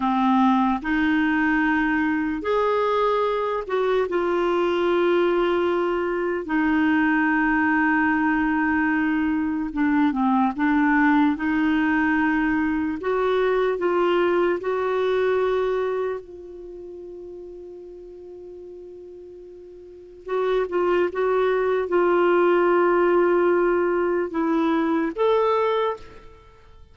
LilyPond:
\new Staff \with { instrumentName = "clarinet" } { \time 4/4 \tempo 4 = 74 c'4 dis'2 gis'4~ | gis'8 fis'8 f'2. | dis'1 | d'8 c'8 d'4 dis'2 |
fis'4 f'4 fis'2 | f'1~ | f'4 fis'8 f'8 fis'4 f'4~ | f'2 e'4 a'4 | }